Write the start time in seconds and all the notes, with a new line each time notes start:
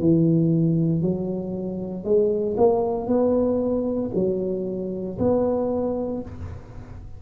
0.00 E3
1.02 F#3
2.04 G#3
2.57 A#3
3.07 B3
4.15 F#3
5.19 B3